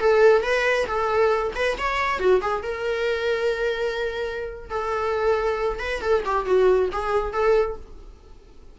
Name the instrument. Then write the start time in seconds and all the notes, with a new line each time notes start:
viola
0.00 A4
0.43 B4
0.87 A4
1.56 B4
1.79 C#5
2.20 F#4
2.42 G#4
2.63 A#4
4.70 A4
5.80 B4
6.02 A4
6.26 G4
6.46 F#4
6.92 G#4
7.33 A4